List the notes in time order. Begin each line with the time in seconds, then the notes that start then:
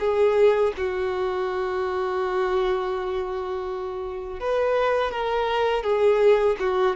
0.00 G#4
0.77 F#4
4.40 B4
5.12 A#4
5.83 G#4
6.60 F#4